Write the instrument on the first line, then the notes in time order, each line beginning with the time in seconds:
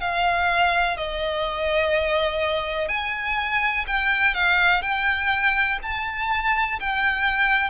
violin
0.00 F5
0.97 D#5
2.88 G#5
3.87 G5
4.34 F5
4.82 G5
5.82 A5
6.80 G5